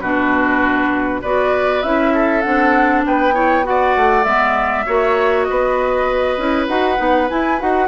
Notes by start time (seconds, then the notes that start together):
0.00 B2 D4 F#4 B4
1.21 B3 F#4 B4 D5
1.82 C#4 E4 E5
2.14 A4
2.41 C4 D4 F#5
3.06 B3 B4 G5
3.34 E4 C#5
3.63 F#4 D5 F#5
3.96 A3
4.24 G#3 B3 E5
4.86 A#3 F#4 C#5
5.44 D#5
5.50 B3 B4
6.37 C#4 E4
6.68 D#4 F#4 F#5
6.97 B3 D#4
7.29 E4 G#5
7.59 D#4 F#4 F#5